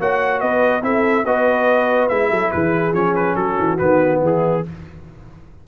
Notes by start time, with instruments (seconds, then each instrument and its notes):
0.00 tuba A#3, trombone F#4, horn C#5, trumpet F#5
0.40 tuba B3, horn B4, trumpet D#5
0.82 tuba C4, trombone E4, horn A4, trumpet E5
1.25 tuba B3, trombone F#4, horn B4, trumpet D#5
2.09 tuba G#3, trombone E4, trumpet E5
2.30 tuba F#3, horn A4
2.51 tuba E3, horn G#4, trumpet B4
2.92 tuba F3, trombone C#4, trumpet C#5
3.16 trumpet B4
3.36 tuba F#3, horn F#4, trumpet A4
3.59 tuba E3
3.78 tuba D#3, trombone B3, trumpet B4
4.20 tuba E3, horn E4, trumpet G#4